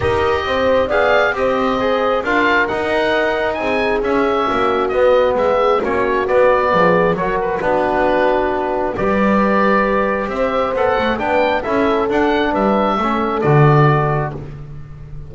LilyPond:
<<
  \new Staff \with { instrumentName = "oboe" } { \time 4/4 \tempo 4 = 134 dis''2 f''4 dis''4~ | dis''4 f''4 fis''2 | gis''4 e''2 dis''4 | e''4 cis''4 d''2 |
cis''8 b'2.~ b'8 | d''2. e''4 | fis''4 g''4 e''4 fis''4 | e''2 d''2 | }
  \new Staff \with { instrumentName = "horn" } { \time 4/4 ais'4 c''4 d''4 c''4~ | c''4 ais'2. | gis'2 fis'2 | gis'4 fis'2 gis'4 |
ais'4 fis'2. | b'2. c''4~ | c''4 b'4 a'2 | b'4 a'2. | }
  \new Staff \with { instrumentName = "trombone" } { \time 4/4 g'2 gis'4 g'4 | gis'4 f'4 dis'2~ | dis'4 cis'2 b4~ | b4 cis'4 b2 |
fis'4 d'2. | g'1 | a'4 d'4 e'4 d'4~ | d'4 cis'4 fis'2 | }
  \new Staff \with { instrumentName = "double bass" } { \time 4/4 dis'4 c'4 b4 c'4~ | c'4 d'4 dis'2 | c'4 cis'4 ais4 b4 | gis4 ais4 b4 f4 |
fis4 b2. | g2. c'4 | b8 a8 b4 cis'4 d'4 | g4 a4 d2 | }
>>